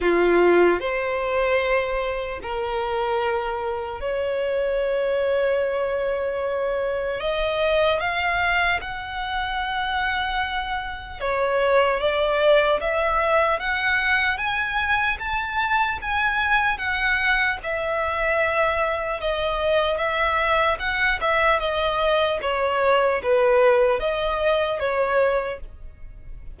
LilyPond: \new Staff \with { instrumentName = "violin" } { \time 4/4 \tempo 4 = 75 f'4 c''2 ais'4~ | ais'4 cis''2.~ | cis''4 dis''4 f''4 fis''4~ | fis''2 cis''4 d''4 |
e''4 fis''4 gis''4 a''4 | gis''4 fis''4 e''2 | dis''4 e''4 fis''8 e''8 dis''4 | cis''4 b'4 dis''4 cis''4 | }